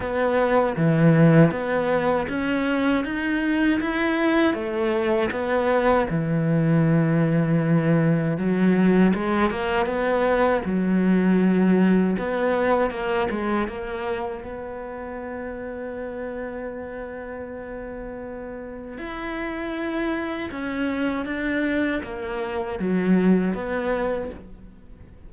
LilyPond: \new Staff \with { instrumentName = "cello" } { \time 4/4 \tempo 4 = 79 b4 e4 b4 cis'4 | dis'4 e'4 a4 b4 | e2. fis4 | gis8 ais8 b4 fis2 |
b4 ais8 gis8 ais4 b4~ | b1~ | b4 e'2 cis'4 | d'4 ais4 fis4 b4 | }